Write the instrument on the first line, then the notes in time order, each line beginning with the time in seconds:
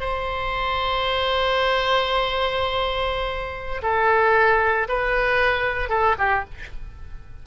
oboe
0.00 C5
3.83 A4
4.88 B4
5.89 A4
6.18 G4